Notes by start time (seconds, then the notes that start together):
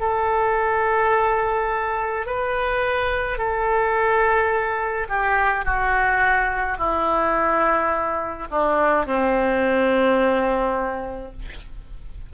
0.00 A4
2.26 B4
3.38 A4
5.08 G4
5.65 F#4
6.78 E4
8.51 D4
9.06 C4